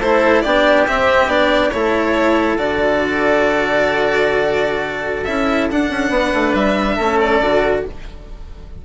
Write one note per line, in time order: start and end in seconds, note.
0.00 0.44 A3
0.00 0.45 E4
0.00 0.43 A4
0.00 0.42 C5
0.42 0.88 B3
0.42 0.87 D4
0.42 1.73 G4
0.42 0.85 D5
0.88 1.29 C4
0.88 1.27 C4
0.88 1.29 E5
1.27 1.70 B3
1.27 1.72 D4
1.27 1.72 D5
1.72 2.58 A3
1.72 2.58 E4
1.72 6.12 A4
1.72 2.57 C#5
2.58 5.26 D3
2.58 5.26 F#4
2.58 5.24 D5
5.24 5.70 C#4
5.24 5.71 E4
5.24 5.67 E5
5.71 7.00 D4
5.71 5.90 D4
5.71 6.55 F#5
5.90 6.10 C#4
6.10 6.31 B3
6.10 6.96 B4
6.34 6.54 A3
6.54 6.97 G3
6.54 7.19 E5
6.96 7.41 A3
6.96 7.43 C#4
6.96 7.82 A4
7.21 7.85 D5
7.41 7.84 D3
7.41 7.85 F#4